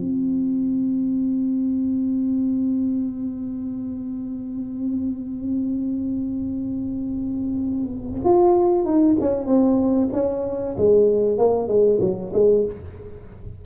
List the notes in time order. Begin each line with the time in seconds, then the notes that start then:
0.00 C4
8.24 F4
8.85 D#4
9.21 C#4
9.46 C4
10.13 C#4
10.78 G#3
11.38 A#3
11.68 G#3
12.01 F#3
12.34 G#3